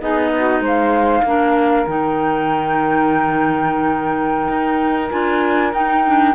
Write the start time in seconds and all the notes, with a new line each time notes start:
0.00 B3 D#4 G#4 D#5
0.36 F#4
0.60 G#3 C5
0.66 F5
1.23 A#3 D4 A#4
1.86 D#3 D#4 G5
4.49 D#4
5.10 D4 F4 G#5
5.73 D#4 G5
6.07 D4